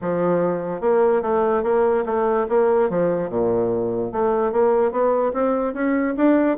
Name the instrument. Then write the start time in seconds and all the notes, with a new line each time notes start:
bassoon
0.01 F3
0.81 A#3
1.22 A3
1.63 A#3
2.05 A3
2.48 A#3
2.89 F3
3.29 A#2
4.12 A3
4.51 A#3
4.91 B3
5.33 C4
5.73 C#4
6.16 D4